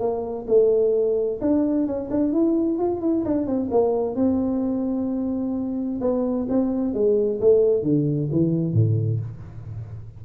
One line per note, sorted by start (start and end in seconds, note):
0.00 0.46 A#3
0.48 1.40 A3
1.41 1.87 D4
1.87 2.10 C#4
2.11 2.33 D4
2.33 2.79 E4
2.79 3.01 F4
3.01 3.25 E4
3.26 3.47 D4
3.47 3.70 C4
3.71 4.16 A#3
4.16 6.00 C4
6.01 6.48 B3
6.49 6.94 C4
6.94 7.40 G#3
7.41 7.83 A3
7.83 8.29 D3
8.32 8.74 E3
8.74 9.20 A2